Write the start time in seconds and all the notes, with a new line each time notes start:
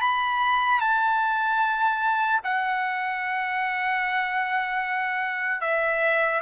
0.00 B5
0.80 A5
2.44 F#5
5.61 E5